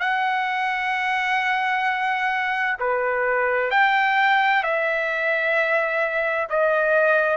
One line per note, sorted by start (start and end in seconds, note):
0.00 2.77 F#5
2.79 3.71 B4
3.71 4.63 G5
4.63 6.47 E5
6.50 7.37 D#5